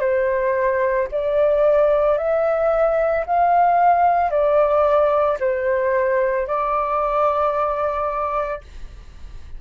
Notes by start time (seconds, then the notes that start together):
0.00 C5
1.11 D5
2.17 E5
3.26 F5
4.31 D5
5.39 C5
6.46 D5